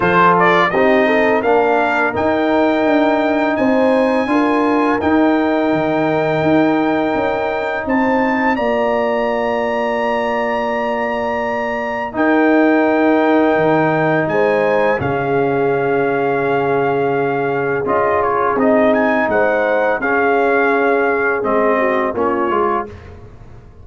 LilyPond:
<<
  \new Staff \with { instrumentName = "trumpet" } { \time 4/4 \tempo 4 = 84 c''8 d''8 dis''4 f''4 g''4~ | g''4 gis''2 g''4~ | g''2. a''4 | ais''1~ |
ais''4 g''2. | gis''4 f''2.~ | f''4 dis''8 cis''8 dis''8 gis''8 fis''4 | f''2 dis''4 cis''4 | }
  \new Staff \with { instrumentName = "horn" } { \time 4/4 a'4 g'8 a'8 ais'2~ | ais'4 c''4 ais'2~ | ais'2. c''4 | d''1~ |
d''4 ais'2. | c''4 gis'2.~ | gis'2. c''4 | gis'2~ gis'8 fis'8 f'4 | }
  \new Staff \with { instrumentName = "trombone" } { \time 4/4 f'4 dis'4 d'4 dis'4~ | dis'2 f'4 dis'4~ | dis'1 | f'1~ |
f'4 dis'2.~ | dis'4 cis'2.~ | cis'4 f'4 dis'2 | cis'2 c'4 cis'8 f'8 | }
  \new Staff \with { instrumentName = "tuba" } { \time 4/4 f4 c'4 ais4 dis'4 | d'4 c'4 d'4 dis'4 | dis4 dis'4 cis'4 c'4 | ais1~ |
ais4 dis'2 dis4 | gis4 cis2.~ | cis4 cis'4 c'4 gis4 | cis'2 gis4 ais8 gis8 | }
>>